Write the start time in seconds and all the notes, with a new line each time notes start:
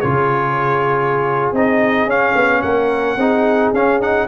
0.00 C#3 F4 G#4 C#5
1.52 C4 D#4 D#5
2.05 C#4 F5
2.35 B3
2.62 A#3 A#4 F#5
3.17 C4 D#4 G#4
3.73 C#4 F5
4.00 D#4 F#5